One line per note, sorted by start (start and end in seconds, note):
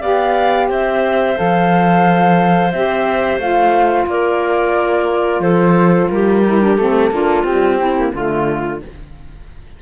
0.00 0.70 B3
0.00 1.35 G4
0.00 0.67 D5
0.00 0.70 F5
0.69 1.37 C4
0.69 4.06 C5
0.69 1.38 E5
1.35 2.74 F3
1.35 2.70 A4
1.35 2.72 F5
2.72 3.38 C4
2.72 3.40 G4
2.72 3.39 E5
3.38 4.06 A3
3.38 6.44 F4
3.38 4.08 F5
4.06 5.40 A#3
4.06 5.42 A#4
4.06 5.42 D5
5.40 6.07 F3
5.40 6.10 A4
5.40 6.09 C5
6.10 6.78 G3
6.10 7.13 G4
6.10 6.77 A#4
6.46 6.61 E4
6.61 6.78 D4
6.77 7.11 A3
6.77 7.12 C4
6.77 7.44 A4
7.11 7.44 A#3
7.11 7.46 D4
7.11 7.79 F4
7.44 7.78 G3
7.44 8.11 C4
7.44 8.12 G4
7.78 7.95 C4
7.78 8.13 E4
7.97 8.14 A#3
8.13 8.82 D3
8.13 8.81 A3
8.13 8.81 F4